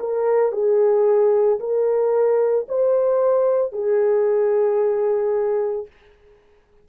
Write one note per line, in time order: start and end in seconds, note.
0.00 0.53 A#4
0.53 1.60 G#4
1.60 2.67 A#4
2.68 3.73 C5
3.73 5.87 G#4